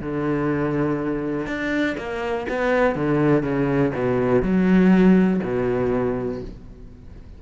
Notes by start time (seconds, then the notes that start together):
0.00 D3
1.46 D4
1.97 A#3
2.49 B3
2.95 D3
3.42 C#3
3.94 B2
4.42 F#3
5.43 B2